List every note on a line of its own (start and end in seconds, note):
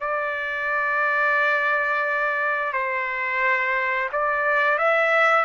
0.00 2.73 D5
2.73 4.09 C5
4.12 4.78 D5
4.78 5.45 E5